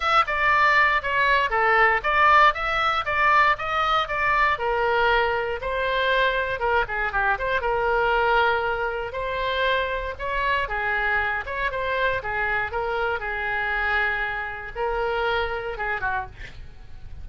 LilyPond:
\new Staff \with { instrumentName = "oboe" } { \time 4/4 \tempo 4 = 118 e''8 d''4. cis''4 a'4 | d''4 e''4 d''4 dis''4 | d''4 ais'2 c''4~ | c''4 ais'8 gis'8 g'8 c''8 ais'4~ |
ais'2 c''2 | cis''4 gis'4. cis''8 c''4 | gis'4 ais'4 gis'2~ | gis'4 ais'2 gis'8 fis'8 | }